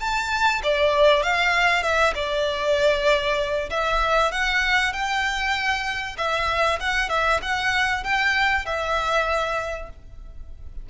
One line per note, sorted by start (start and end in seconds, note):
0.00 0.62 A5
0.63 1.23 D5
1.23 1.83 F5
1.83 2.14 E5
2.15 3.70 D5
3.70 4.32 E5
4.32 4.93 F#5
4.93 6.17 G5
6.18 6.80 E5
6.80 7.10 F#5
7.10 7.41 E5
7.42 8.04 F#5
8.04 8.66 G5
8.66 9.90 E5